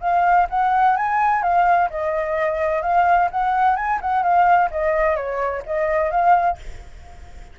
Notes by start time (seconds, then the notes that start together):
0.00 F5
0.49 F#5
0.96 G#5
1.42 F5
1.89 D#5
2.82 F5
3.31 F#5
3.76 G#5
4.01 F#5
4.22 F5
4.70 D#5
5.16 C#5
5.65 D#5
6.10 F5